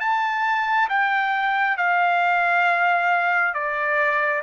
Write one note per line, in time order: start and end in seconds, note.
0.00 0.88 A5
0.89 1.77 G5
1.77 3.54 F5
3.54 4.42 D5